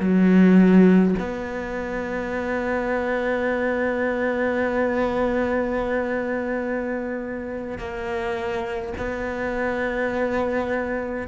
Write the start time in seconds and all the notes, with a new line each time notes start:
0.00 F#3
1.19 B3
7.78 A#3
8.98 B3